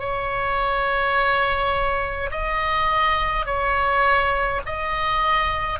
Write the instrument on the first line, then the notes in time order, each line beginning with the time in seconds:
oboe
0.00 C#5
2.32 D#5
3.46 C#5
4.66 D#5